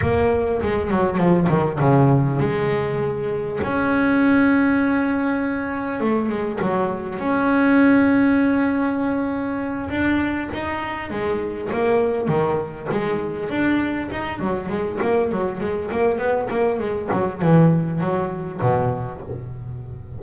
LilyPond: \new Staff \with { instrumentName = "double bass" } { \time 4/4 \tempo 4 = 100 ais4 gis8 fis8 f8 dis8 cis4 | gis2 cis'2~ | cis'2 a8 gis8 fis4 | cis'1~ |
cis'8 d'4 dis'4 gis4 ais8~ | ais8 dis4 gis4 d'4 dis'8 | fis8 gis8 ais8 fis8 gis8 ais8 b8 ais8 | gis8 fis8 e4 fis4 b,4 | }